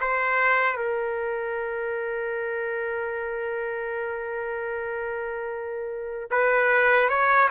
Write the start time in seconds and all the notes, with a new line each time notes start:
0.00 C5
0.76 A#4
6.31 B4
7.09 C#5